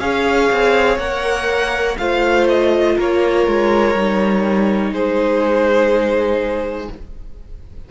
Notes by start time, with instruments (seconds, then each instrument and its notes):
0.00 cello C#4, viola G#4, violin C#5 F5
0.52 cello C4
0.98 cello A#3, viola A#4, violin F#5
1.98 cello A3, viola F4, violin C5 F5
2.49 violin D#5
2.96 cello A#3, violin A#4 C#5
3.47 cello G#3
3.95 cello G3, viola D#4
4.91 cello G#3, violin G#4 C5